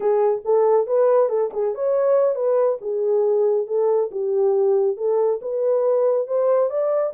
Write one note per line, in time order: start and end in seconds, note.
0.00 0.42 G#4
0.44 0.87 A4
0.87 1.29 B4
1.29 1.50 A4
1.53 1.74 G#4
1.74 2.35 C#5
2.35 2.78 B4
2.81 3.67 G#4
3.67 4.10 A4
4.11 4.96 G4
4.96 5.40 A4
5.41 6.27 B4
6.27 6.70 C5
6.70 7.13 D5